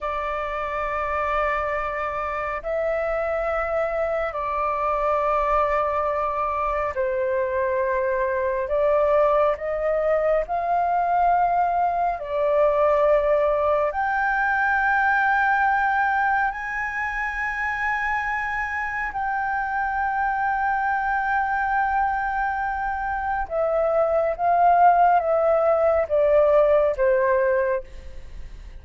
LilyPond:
\new Staff \with { instrumentName = "flute" } { \time 4/4 \tempo 4 = 69 d''2. e''4~ | e''4 d''2. | c''2 d''4 dis''4 | f''2 d''2 |
g''2. gis''4~ | gis''2 g''2~ | g''2. e''4 | f''4 e''4 d''4 c''4 | }